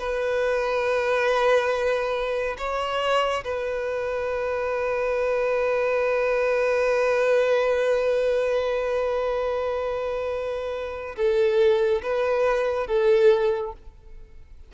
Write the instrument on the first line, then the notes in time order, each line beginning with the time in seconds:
violin
0.00 B4
2.58 C#5
3.45 B4
11.16 A4
12.03 B4
12.87 A4